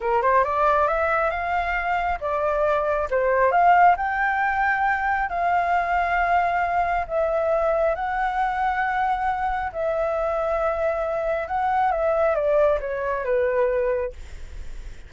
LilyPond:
\new Staff \with { instrumentName = "flute" } { \time 4/4 \tempo 4 = 136 ais'8 c''8 d''4 e''4 f''4~ | f''4 d''2 c''4 | f''4 g''2. | f''1 |
e''2 fis''2~ | fis''2 e''2~ | e''2 fis''4 e''4 | d''4 cis''4 b'2 | }